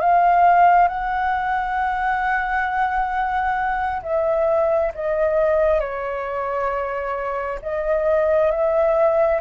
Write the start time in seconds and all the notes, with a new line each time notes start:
0.00 F5
0.88 F#5
4.03 E5
4.95 D#5
5.80 C#5
7.62 D#5
8.51 E5